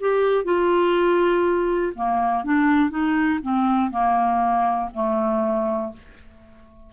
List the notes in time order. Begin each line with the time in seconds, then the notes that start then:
0.00 G4
0.44 F4
1.95 A#3
2.44 D4
2.90 D#4
3.42 C4
3.91 A#3
4.94 A3